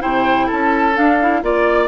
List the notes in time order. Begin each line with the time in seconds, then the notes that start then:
0.00 C3 E4 C5 G5
0.46 C#4 A4 A5
0.94 D4 F5
1.21 E4
1.43 A#3 F4 D5